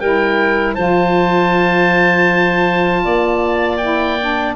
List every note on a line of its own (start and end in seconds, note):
0.00 0.77 G3
0.00 0.76 E4
0.00 0.75 A#4
0.00 0.75 G5
0.75 3.05 F3
0.75 3.80 F4
0.75 3.02 C5
0.75 3.78 A5
3.04 4.56 A#3
3.04 4.56 D5
3.78 4.19 E4
3.78 4.53 G5
4.21 4.56 D4